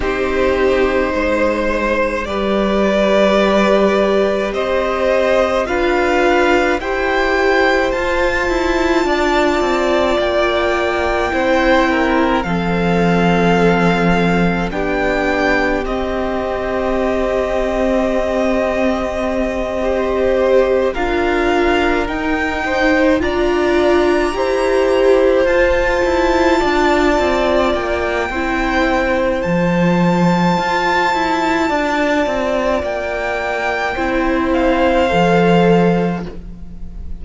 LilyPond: <<
  \new Staff \with { instrumentName = "violin" } { \time 4/4 \tempo 4 = 53 c''2 d''2 | dis''4 f''4 g''4 a''4~ | a''4 g''2 f''4~ | f''4 g''4 dis''2~ |
dis''2~ dis''8 f''4 g''8~ | g''8 ais''2 a''4.~ | a''8 g''4. a''2~ | a''4 g''4. f''4. | }
  \new Staff \with { instrumentName = "violin" } { \time 4/4 g'4 c''4 b'2 | c''4 b'4 c''2 | d''2 c''8 ais'8 a'4~ | a'4 g'2.~ |
g'4. c''4 ais'4. | c''8 d''4 c''2 d''8~ | d''4 c''2. | d''2 c''2 | }
  \new Staff \with { instrumentName = "viola" } { \time 4/4 dis'2 g'2~ | g'4 f'4 g'4 f'4~ | f'2 e'4 c'4~ | c'4 d'4 c'2~ |
c'4. g'4 f'4 dis'8~ | dis'8 f'4 g'4 f'4.~ | f'4 e'4 f'2~ | f'2 e'4 a'4 | }
  \new Staff \with { instrumentName = "cello" } { \time 4/4 c'4 gis4 g2 | c'4 d'4 e'4 f'8 e'8 | d'8 c'8 ais4 c'4 f4~ | f4 b4 c'2~ |
c'2~ c'8 d'4 dis'8~ | dis'8 d'4 e'4 f'8 e'8 d'8 | c'8 ais8 c'4 f4 f'8 e'8 | d'8 c'8 ais4 c'4 f4 | }
>>